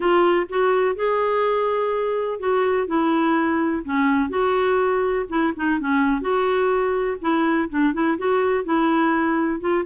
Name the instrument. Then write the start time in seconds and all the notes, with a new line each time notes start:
clarinet
0.00 F4
0.49 F#4
0.95 G#4
2.39 F#4
2.87 E4
3.84 C#4
4.29 F#4
5.29 E4
5.56 D#4
5.80 C#4
6.21 F#4
7.21 E4
7.69 D4
7.93 E4
8.18 F#4
8.64 E4
9.60 F4